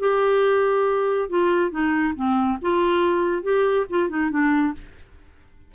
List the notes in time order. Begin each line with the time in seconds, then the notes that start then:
0.00 G4
1.29 F4
1.71 D#4
2.15 C4
2.62 F4
3.43 G4
3.90 F4
4.09 D#4
4.30 D4